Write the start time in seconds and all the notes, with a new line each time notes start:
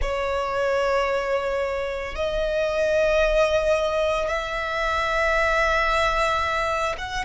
0.01 C#5
2.15 D#5
4.28 E5
6.97 F#5